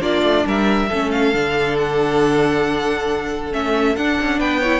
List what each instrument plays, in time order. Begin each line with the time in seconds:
0.00 cello A#3, viola D4, violin F4 D5
0.22 cello A3
0.46 cello G3, violin A#4 E5
0.88 cello A3, viola C#4, violin A4
1.11 violin F5
1.34 cello D3, viola D4
1.79 violin F#5
3.52 cello A3, viola C#4, violin E5
3.96 cello D4, viola D4, violin F#5
4.20 cello C#4
4.38 cello B3, violin B4 G5
4.60 viola E4, violin C#5